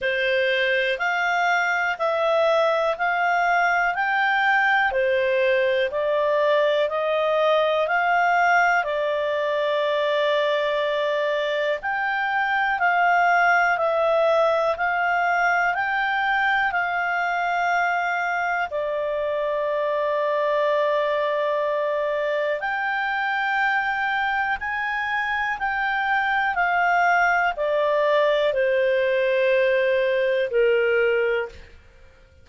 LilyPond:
\new Staff \with { instrumentName = "clarinet" } { \time 4/4 \tempo 4 = 61 c''4 f''4 e''4 f''4 | g''4 c''4 d''4 dis''4 | f''4 d''2. | g''4 f''4 e''4 f''4 |
g''4 f''2 d''4~ | d''2. g''4~ | g''4 gis''4 g''4 f''4 | d''4 c''2 ais'4 | }